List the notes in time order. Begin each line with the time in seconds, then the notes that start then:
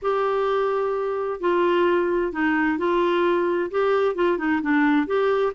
0.01 G4
1.40 F4
2.32 D#4
2.78 F4
3.70 G4
4.15 F4
4.38 D#4
4.62 D4
5.06 G4